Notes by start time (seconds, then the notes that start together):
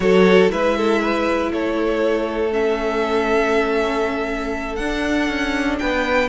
0.00 F#3 F#4 A4 C#5
0.48 G#3 E4 B4 E5
0.77 A4
1.01 B4
1.51 A3 A4 C#5
2.51 C#4 E5
4.75 D4 F#5
4.83 D4
5.28 C#4
5.78 B3 B4 G5